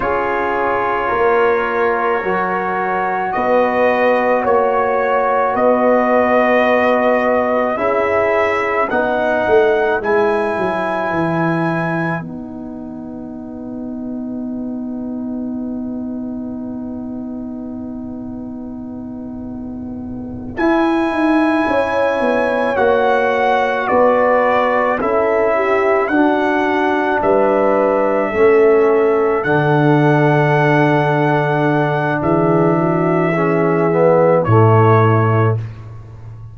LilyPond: <<
  \new Staff \with { instrumentName = "trumpet" } { \time 4/4 \tempo 4 = 54 cis''2. dis''4 | cis''4 dis''2 e''4 | fis''4 gis''2 fis''4~ | fis''1~ |
fis''2~ fis''8 gis''4.~ | gis''8 fis''4 d''4 e''4 fis''8~ | fis''8 e''2 fis''4.~ | fis''4 e''2 cis''4 | }
  \new Staff \with { instrumentName = "horn" } { \time 4/4 gis'4 ais'2 b'4 | cis''4 b'2 gis'4 | b'1~ | b'1~ |
b'2.~ b'8 cis''8~ | cis''4. b'4 a'8 g'8 fis'8~ | fis'8 b'4 a'2~ a'8~ | a'4 gis'8 fis'8 gis'4 e'4 | }
  \new Staff \with { instrumentName = "trombone" } { \time 4/4 f'2 fis'2~ | fis'2. e'4 | dis'4 e'2 dis'4~ | dis'1~ |
dis'2~ dis'8 e'4.~ | e'8 fis'2 e'4 d'8~ | d'4. cis'4 d'4.~ | d'2 cis'8 b8 a4 | }
  \new Staff \with { instrumentName = "tuba" } { \time 4/4 cis'4 ais4 fis4 b4 | ais4 b2 cis'4 | b8 a8 gis8 fis8 e4 b4~ | b1~ |
b2~ b8 e'8 dis'8 cis'8 | b8 ais4 b4 cis'4 d'8~ | d'8 g4 a4 d4.~ | d4 e2 a,4 | }
>>